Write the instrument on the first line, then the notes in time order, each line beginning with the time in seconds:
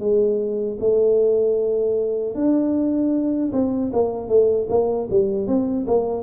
tuba
0.00 G#3
0.80 A3
2.35 D4
3.53 C4
3.93 A#3
4.29 A3
4.70 A#3
5.10 G3
5.48 C4
5.87 A#3